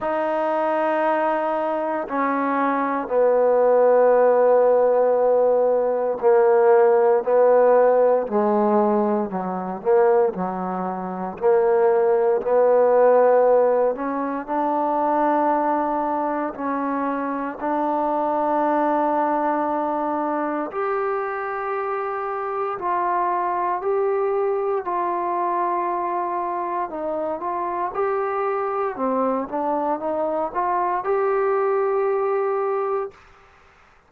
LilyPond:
\new Staff \with { instrumentName = "trombone" } { \time 4/4 \tempo 4 = 58 dis'2 cis'4 b4~ | b2 ais4 b4 | gis4 fis8 ais8 fis4 ais4 | b4. cis'8 d'2 |
cis'4 d'2. | g'2 f'4 g'4 | f'2 dis'8 f'8 g'4 | c'8 d'8 dis'8 f'8 g'2 | }